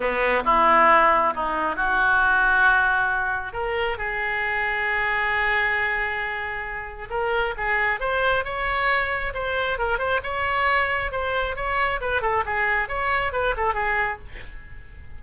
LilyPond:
\new Staff \with { instrumentName = "oboe" } { \time 4/4 \tempo 4 = 135 b4 e'2 dis'4 | fis'1 | ais'4 gis'2.~ | gis'1 |
ais'4 gis'4 c''4 cis''4~ | cis''4 c''4 ais'8 c''8 cis''4~ | cis''4 c''4 cis''4 b'8 a'8 | gis'4 cis''4 b'8 a'8 gis'4 | }